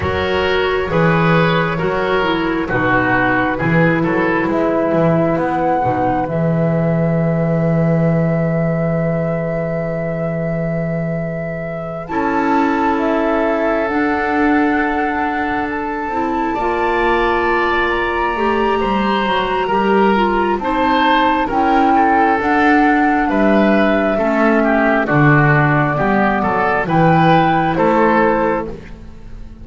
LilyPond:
<<
  \new Staff \with { instrumentName = "flute" } { \time 4/4 \tempo 4 = 67 cis''2. b'4~ | b'4 e''4 fis''4 e''4~ | e''1~ | e''4. a''4 e''4 fis''8~ |
fis''4. a''2~ a''8 | ais''2. a''4 | g''4 fis''4 e''2 | d''2 g''4 c''4 | }
  \new Staff \with { instrumentName = "oboe" } { \time 4/4 ais'4 b'4 ais'4 fis'4 | gis'8 a'8 b'2.~ | b'1~ | b'4. a'2~ a'8~ |
a'2~ a'8 d''4.~ | d''4 c''4 ais'4 c''4 | ais'8 a'4. b'4 a'8 g'8 | fis'4 g'8 a'8 b'4 a'4 | }
  \new Staff \with { instrumentName = "clarinet" } { \time 4/4 fis'4 gis'4 fis'8 e'8 dis'4 | e'2~ e'8 dis'8 gis'4~ | gis'1~ | gis'4. e'2 d'8~ |
d'2 e'8 f'4.~ | f'8 g'4 fis'8 g'8 f'8 dis'4 | e'4 d'2 cis'4 | d'4 b4 e'2 | }
  \new Staff \with { instrumentName = "double bass" } { \time 4/4 fis4 e4 fis4 b,4 | e8 fis8 gis8 e8 b8 b,8 e4~ | e1~ | e4. cis'2 d'8~ |
d'2 c'8 ais4.~ | ais8 a8 g8 fis8 g4 c'4 | cis'4 d'4 g4 a4 | d4 g8 fis8 e4 a4 | }
>>